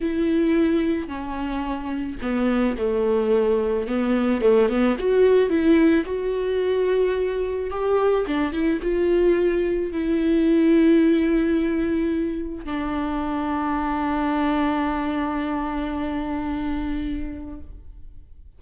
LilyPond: \new Staff \with { instrumentName = "viola" } { \time 4/4 \tempo 4 = 109 e'2 cis'2 | b4 a2 b4 | a8 b8 fis'4 e'4 fis'4~ | fis'2 g'4 d'8 e'8 |
f'2 e'2~ | e'2. d'4~ | d'1~ | d'1 | }